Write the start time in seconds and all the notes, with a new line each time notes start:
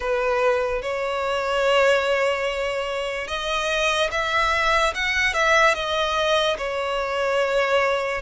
0.00 B4
0.82 C#5
3.27 D#5
4.11 E5
4.94 F#5
5.33 E5
5.74 D#5
6.58 C#5